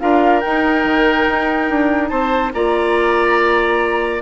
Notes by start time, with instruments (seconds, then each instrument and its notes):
0.00 bassoon D4, clarinet F4, oboe A#4, flute F5
0.41 clarinet D#4, bassoon D#4, flute G5
0.84 bassoon D#3
1.29 bassoon D#4
1.70 bassoon D4
2.09 bassoon C4, oboe C5, flute A5
2.53 bassoon A#3, clarinet F4, oboe D5, flute A#5